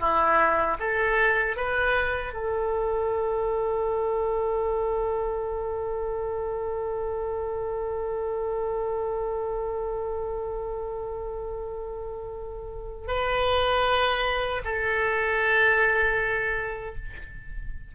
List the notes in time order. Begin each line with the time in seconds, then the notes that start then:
0.00 E4
0.79 A4
1.56 B4
2.33 A4
13.07 B4
14.64 A4